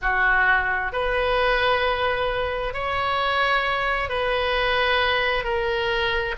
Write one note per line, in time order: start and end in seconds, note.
0.01 0.92 F#4
0.92 2.73 B4
2.73 4.09 C#5
4.09 5.43 B4
5.43 6.34 A#4